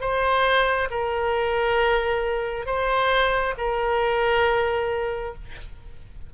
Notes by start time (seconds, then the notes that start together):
0.00 C5
0.91 A#4
2.66 C5
3.58 A#4